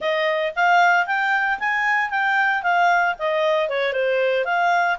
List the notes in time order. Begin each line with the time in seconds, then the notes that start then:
0.00 D#5
0.55 F5
1.06 G5
1.59 G#5
2.10 G5
2.62 F5
3.18 D#5
3.69 C#5
3.92 C5
4.44 F5